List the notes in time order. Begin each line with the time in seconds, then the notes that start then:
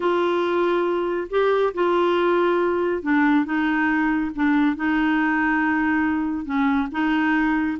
0.00 F4
1.30 G4
1.73 F4
3.02 D4
3.45 D#4
4.35 D4
4.76 D#4
6.45 C#4
6.91 D#4